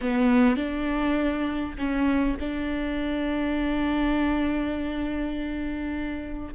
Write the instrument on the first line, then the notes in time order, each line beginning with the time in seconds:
viola
0.01 B3
0.56 D4
1.78 C#4
2.39 D4